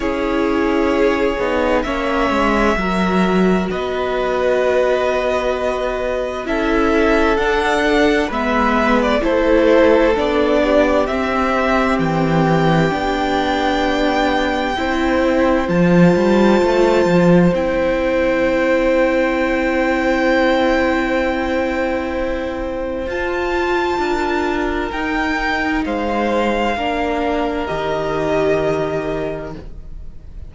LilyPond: <<
  \new Staff \with { instrumentName = "violin" } { \time 4/4 \tempo 4 = 65 cis''2 e''2 | dis''2. e''4 | fis''4 e''8. d''16 c''4 d''4 | e''4 g''2.~ |
g''4 a''2 g''4~ | g''1~ | g''4 a''2 g''4 | f''2 dis''2 | }
  \new Staff \with { instrumentName = "violin" } { \time 4/4 gis'2 cis''4 ais'4 | b'2. a'4~ | a'4 b'4 a'4. g'8~ | g'1 |
c''1~ | c''1~ | c''2 ais'2 | c''4 ais'2. | }
  \new Staff \with { instrumentName = "viola" } { \time 4/4 e'4. dis'8 cis'4 fis'4~ | fis'2. e'4 | d'4 b4 e'4 d'4 | c'2 d'2 |
e'4 f'2 e'4~ | e'1~ | e'4 f'2 dis'4~ | dis'4 d'4 g'2 | }
  \new Staff \with { instrumentName = "cello" } { \time 4/4 cis'4. b8 ais8 gis8 fis4 | b2. cis'4 | d'4 gis4 a4 b4 | c'4 e4 b2 |
c'4 f8 g8 a8 f8 c'4~ | c'1~ | c'4 f'4 d'4 dis'4 | gis4 ais4 dis2 | }
>>